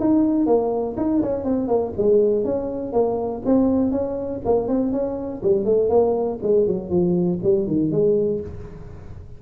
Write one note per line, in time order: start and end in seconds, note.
0.00 0.46 D#4
0.46 0.96 A#3
0.97 1.22 D#4
1.22 1.44 C#4
1.44 1.68 C4
1.68 1.93 A#3
1.97 2.45 G#3
2.45 2.93 C#4
2.93 3.42 A#3
3.45 3.92 C4
3.92 4.41 C#4
4.45 4.68 A#3
4.68 4.92 C4
4.92 5.42 C#4
5.43 5.65 G3
5.65 5.90 A3
5.90 6.39 A#3
6.43 6.67 G#3
6.67 6.90 F#3
6.90 7.39 F3
7.44 7.67 G3
7.67 7.91 D#3
7.91 8.41 G#3